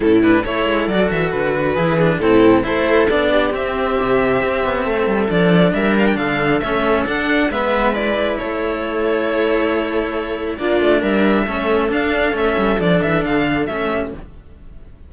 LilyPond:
<<
  \new Staff \with { instrumentName = "violin" } { \time 4/4 \tempo 4 = 136 a'8 b'8 cis''4 d''8 e''8 b'4~ | b'4 a'4 c''4 d''4 | e''1 | d''4 e''8 f''16 g''16 f''4 e''4 |
fis''4 e''4 d''4 cis''4~ | cis''1 | d''4 e''2 f''4 | e''4 d''8 e''8 f''4 e''4 | }
  \new Staff \with { instrumentName = "viola" } { \time 4/4 e'4 a'2. | gis'4 e'4 a'4. g'8~ | g'2. a'4~ | a'4 ais'4 a'2~ |
a'4 b'2 a'4~ | a'1 | f'4 ais'4 a'2~ | a'2.~ a'8 g'8 | }
  \new Staff \with { instrumentName = "cello" } { \time 4/4 cis'8 d'8 e'4 fis'2 | e'8 d'8 c'4 e'4 d'4 | c'1 | d'2. cis'4 |
d'4 b4 e'2~ | e'1 | d'2 cis'4 d'4 | cis'4 d'2 cis'4 | }
  \new Staff \with { instrumentName = "cello" } { \time 4/4 a,4 a8 gis8 fis8 e8 d4 | e4 a,4 a4 b4 | c'4 c4 c'8 b8 a8 g8 | f4 g4 d4 a4 |
d'4 gis2 a4~ | a1 | ais8 a8 g4 a4 d'4 | a8 g8 f8 e8 d4 a4 | }
>>